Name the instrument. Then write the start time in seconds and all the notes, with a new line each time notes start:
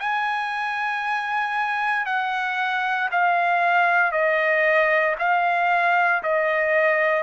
trumpet
0.00 G#5
2.06 F#5
3.12 F5
4.12 D#5
5.19 F5
6.23 D#5